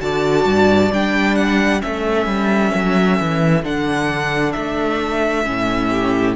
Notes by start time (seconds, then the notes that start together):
0.00 D3 F#4 D5 A5
0.45 G2
0.92 G3 D4 G5
1.36 F#5
1.81 A3 C#4 A4 E5
2.26 G3
2.74 F#3
3.20 E3
3.63 D3 D4 F#5
4.52 A3 E5
5.45 A2 C#4
5.90 G4